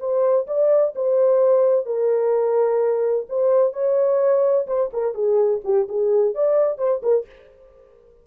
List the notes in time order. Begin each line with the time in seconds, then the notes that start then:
0.00 C5
0.47 D5
0.95 C5
1.86 A#4
3.29 C5
3.73 C#5
4.67 C5
4.93 A#4
5.14 G#4
5.64 G4
5.89 G#4
6.35 D5
6.78 C5
7.03 A#4